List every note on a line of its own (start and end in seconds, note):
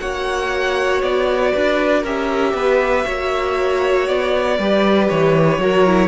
0.00 1.02 A#3
0.00 2.04 F#4
0.00 1.51 C#5
0.00 1.02 F#5
1.02 1.53 B3
1.02 2.04 D5
1.51 2.04 D4
1.51 2.02 B4
2.02 2.54 C#4
2.02 3.04 G4
2.02 2.53 A#4
2.02 4.08 E5
2.54 3.04 B3
2.54 3.06 B4
3.04 4.08 A#3
3.04 4.57 F#4
3.04 4.58 C#5
4.08 4.59 B3
4.08 5.09 D5
4.59 5.10 G3
4.59 5.61 G4
4.59 5.61 B4
5.09 5.58 E3
5.09 6.08 C#5
5.58 6.08 F#3
5.58 5.86 F#4
5.58 6.08 A#4
5.86 6.08 E4